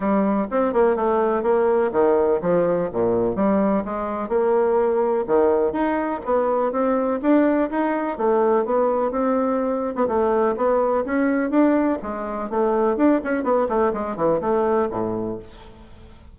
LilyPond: \new Staff \with { instrumentName = "bassoon" } { \time 4/4 \tempo 4 = 125 g4 c'8 ais8 a4 ais4 | dis4 f4 ais,4 g4 | gis4 ais2 dis4 | dis'4 b4 c'4 d'4 |
dis'4 a4 b4 c'4~ | c'8. b16 a4 b4 cis'4 | d'4 gis4 a4 d'8 cis'8 | b8 a8 gis8 e8 a4 a,4 | }